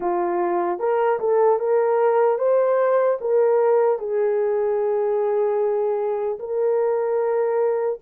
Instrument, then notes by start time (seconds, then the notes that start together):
horn
0.00 F4
0.79 A#4
1.19 A4
1.59 A#4
2.38 C5
3.20 A#4
3.99 G#4
6.39 A#4